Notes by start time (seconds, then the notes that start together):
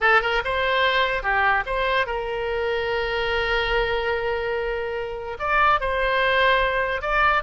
0.01 A4
0.21 A#4
0.44 C5
1.22 G4
1.66 C5
2.06 A#4
5.39 D5
5.80 C5
7.01 D5